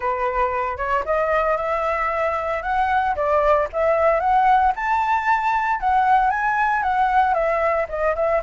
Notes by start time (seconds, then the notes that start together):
0.00 B4
0.77 C#5
1.05 D#5
1.56 E5
2.62 F#5
3.15 D5
3.72 E5
4.20 F#5
4.75 A5
5.80 F#5
6.30 G#5
6.82 F#5
7.33 E5
7.89 D#5
8.15 E5